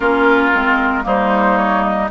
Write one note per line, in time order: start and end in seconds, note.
0.00 0.51 A#3
0.00 0.52 C#4
0.00 1.03 F4
0.00 1.05 A#4
0.52 1.05 G#3
0.52 1.02 C4
1.02 2.10 G3
1.02 2.07 A#3
1.02 2.10 D#4
1.02 1.57 C5
1.57 1.82 C#5
1.82 2.08 D#5